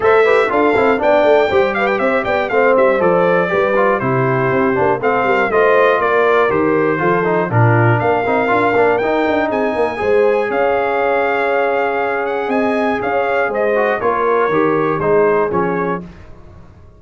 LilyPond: <<
  \new Staff \with { instrumentName = "trumpet" } { \time 4/4 \tempo 4 = 120 e''4 f''4 g''4. f''16 g''16 | e''8 g''8 f''8 e''8 d''2 | c''2 f''4 dis''4 | d''4 c''2 ais'4 |
f''2 g''4 gis''4~ | gis''4 f''2.~ | f''8 fis''8 gis''4 f''4 dis''4 | cis''2 c''4 cis''4 | }
  \new Staff \with { instrumentName = "horn" } { \time 4/4 c''8 b'8 a'4 d''4 c''8 b'8 | c''8 d''8 c''2 b'4 | g'2 a'8 ais'8 c''4 | ais'2 a'4 f'4 |
ais'2. gis'8 ais'8 | c''4 cis''2.~ | cis''4 dis''4 cis''4 c''4 | ais'2 gis'2 | }
  \new Staff \with { instrumentName = "trombone" } { \time 4/4 a'8 g'8 f'8 e'8 d'4 g'4~ | g'4 c'4 a'4 g'8 f'8 | e'4. d'8 c'4 f'4~ | f'4 g'4 f'8 dis'8 d'4~ |
d'8 dis'8 f'8 d'8 dis'2 | gis'1~ | gis'2.~ gis'8 fis'8 | f'4 g'4 dis'4 cis'4 | }
  \new Staff \with { instrumentName = "tuba" } { \time 4/4 a4 d'8 c'8 b8 a8 g4 | c'8 b8 a8 g8 f4 g4 | c4 c'8 ais8 a8 g8 a4 | ais4 dis4 f4 ais,4 |
ais8 c'8 d'8 ais8 dis'8 d'8 c'8 ais8 | gis4 cis'2.~ | cis'4 c'4 cis'4 gis4 | ais4 dis4 gis4 f4 | }
>>